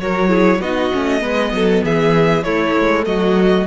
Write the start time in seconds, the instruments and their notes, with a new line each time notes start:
0.00 cello F#3, viola F#4, violin A#4 C#5
0.28 viola E4, violin G#4
0.60 cello B3, viola D#4, violin F#4 D#5
0.92 cello A3, viola C#4
1.21 cello G#3, viola B3, violin B4
1.52 cello F#3, violin A4
1.84 cello E3, violin G#4 E5
2.43 viola A3, cello A3, violin E4 C#5
2.79 cello G#3
3.05 cello F#3, violin F#4 D#5